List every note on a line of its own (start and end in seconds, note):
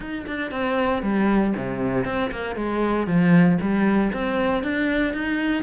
0.00 0.25 D#4
0.27 0.51 D4
0.51 1.02 C4
1.02 1.53 G3
1.56 2.05 C3
2.05 2.30 C4
2.31 2.55 A#3
2.55 3.06 G#3
3.06 3.58 F3
3.61 4.12 G3
4.12 4.63 C4
4.63 5.13 D4
5.13 5.63 D#4